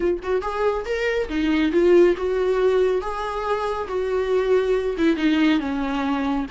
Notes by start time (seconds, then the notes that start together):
0.00 F4
0.23 F#4
0.41 G#4
0.85 A#4
1.29 D#4
1.71 F4
2.17 F#4
3.01 G#4
3.88 F#4
4.97 E4
5.16 D#4
5.59 C#4